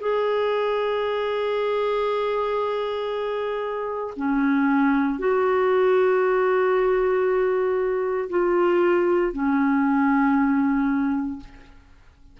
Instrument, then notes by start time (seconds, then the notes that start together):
clarinet
0.00 G#4
4.16 C#4
5.19 F#4
8.29 F4
9.32 C#4